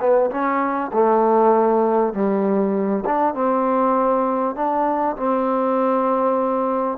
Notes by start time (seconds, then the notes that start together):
0.00 B3
0.31 C#4
0.93 A3
2.13 G3
3.06 D4
3.34 C4
4.55 D4
5.17 C4